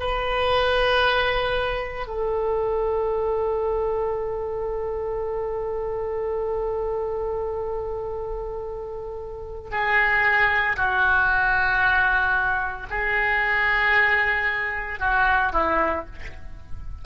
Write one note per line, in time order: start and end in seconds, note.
0.00 2.07 B4
2.07 9.70 A4
9.71 10.77 G#4
10.77 12.88 F#4
12.91 15.00 G#4
15.00 15.53 F#4
15.53 16.06 E4